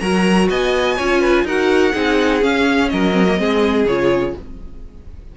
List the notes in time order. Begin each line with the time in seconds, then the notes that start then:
0.00 F#3 F#4 A#4 A#5
0.50 B3 D#5 G#5
0.98 C#4 F4 C#5
1.21 B4
1.44 D#4 F#4 A#4 F#5
1.93 C4 D#4 G#4
2.41 C#4 F5
2.90 F#3 A#4 D#5
3.13 C4
3.28 A#3
3.38 G#3 C4 G#4
3.85 C#3 F4 C#5